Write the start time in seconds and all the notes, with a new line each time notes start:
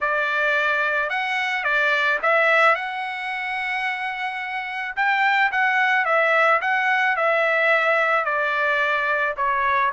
0.01 D5
1.09 F#5
1.64 D5
2.22 E5
2.75 F#5
4.96 G5
5.51 F#5
6.05 E5
6.61 F#5
7.16 E5
8.24 D5
9.36 C#5